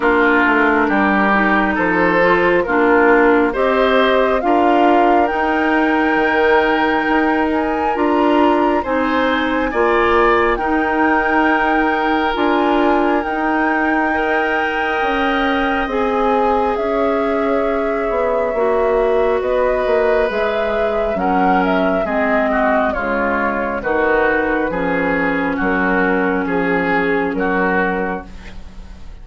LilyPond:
<<
  \new Staff \with { instrumentName = "flute" } { \time 4/4 \tempo 4 = 68 ais'2 c''4 ais'4 | dis''4 f''4 g''2~ | g''8 gis''8 ais''4 gis''2 | g''2 gis''4 g''4~ |
g''2 gis''4 e''4~ | e''2 dis''4 e''4 | fis''8 e''8 dis''4 cis''4 b'4~ | b'4 ais'4 gis'4 ais'4 | }
  \new Staff \with { instrumentName = "oboe" } { \time 4/4 f'4 g'4 a'4 f'4 | c''4 ais'2.~ | ais'2 c''4 d''4 | ais'1 |
dis''2. cis''4~ | cis''2 b'2 | ais'4 gis'8 fis'8 f'4 fis'4 | gis'4 fis'4 gis'4 fis'4 | }
  \new Staff \with { instrumentName = "clarinet" } { \time 4/4 d'4. dis'4 f'8 d'4 | g'4 f'4 dis'2~ | dis'4 f'4 dis'4 f'4 | dis'2 f'4 dis'4 |
ais'2 gis'2~ | gis'4 fis'2 gis'4 | cis'4 c'4 gis4 dis'4 | cis'1 | }
  \new Staff \with { instrumentName = "bassoon" } { \time 4/4 ais8 a8 g4 f4 ais4 | c'4 d'4 dis'4 dis4 | dis'4 d'4 c'4 ais4 | dis'2 d'4 dis'4~ |
dis'4 cis'4 c'4 cis'4~ | cis'8 b8 ais4 b8 ais8 gis4 | fis4 gis4 cis4 dis4 | f4 fis4 f4 fis4 | }
>>